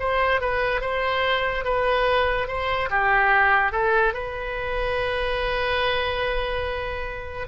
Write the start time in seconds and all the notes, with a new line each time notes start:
0.00 C5
0.41 B4
0.81 C5
1.65 B4
2.48 C5
2.90 G4
3.72 A4
4.14 B4